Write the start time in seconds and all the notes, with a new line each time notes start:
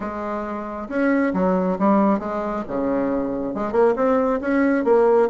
0.00 G#3
0.88 C#4
1.33 F#3
1.78 G3
2.19 G#3
2.67 C#3
3.54 G#3
3.72 A#3
3.96 C4
4.40 C#4
4.84 A#3